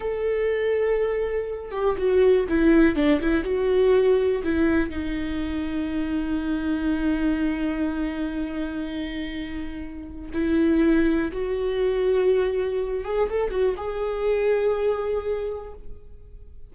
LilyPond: \new Staff \with { instrumentName = "viola" } { \time 4/4 \tempo 4 = 122 a'2.~ a'8 g'8 | fis'4 e'4 d'8 e'8 fis'4~ | fis'4 e'4 dis'2~ | dis'1~ |
dis'1~ | dis'4 e'2 fis'4~ | fis'2~ fis'8 gis'8 a'8 fis'8 | gis'1 | }